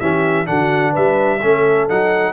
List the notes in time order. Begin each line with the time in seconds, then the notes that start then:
0.00 E3 C#4 G4 E5
0.46 D3 D4 F#4 F#5
0.92 G3 B4 E5
1.43 A3 C#4 A4
1.89 F#3 D#4 F#5